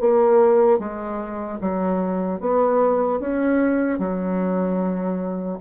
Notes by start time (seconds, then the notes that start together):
0.00 A#3
0.79 G#3
1.60 F#3
2.40 B3
3.20 C#4
3.99 F#3